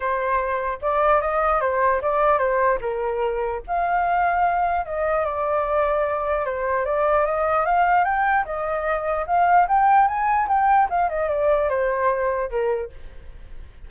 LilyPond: \new Staff \with { instrumentName = "flute" } { \time 4/4 \tempo 4 = 149 c''2 d''4 dis''4 | c''4 d''4 c''4 ais'4~ | ais'4 f''2. | dis''4 d''2. |
c''4 d''4 dis''4 f''4 | g''4 dis''2 f''4 | g''4 gis''4 g''4 f''8 dis''8 | d''4 c''2 ais'4 | }